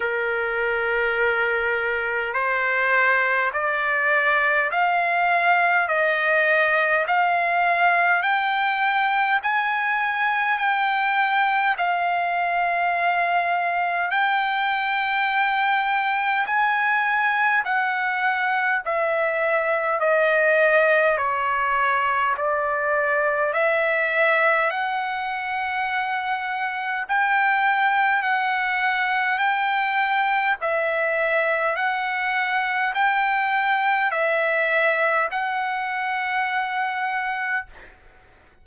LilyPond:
\new Staff \with { instrumentName = "trumpet" } { \time 4/4 \tempo 4 = 51 ais'2 c''4 d''4 | f''4 dis''4 f''4 g''4 | gis''4 g''4 f''2 | g''2 gis''4 fis''4 |
e''4 dis''4 cis''4 d''4 | e''4 fis''2 g''4 | fis''4 g''4 e''4 fis''4 | g''4 e''4 fis''2 | }